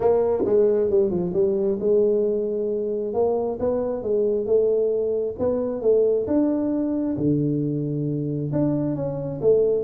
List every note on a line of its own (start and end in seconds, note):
0.00 0.44 A#3
0.45 0.90 G#3
0.90 1.10 G3
1.10 1.32 F3
1.33 1.78 G3
1.80 3.13 G#3
3.13 3.58 A#3
3.59 4.02 B3
4.02 4.46 G#3
4.46 5.35 A3
5.38 5.81 B3
5.81 6.26 A3
6.27 7.16 D4
7.17 8.51 D3
8.52 8.95 D4
8.95 9.40 C#4
9.41 9.84 A3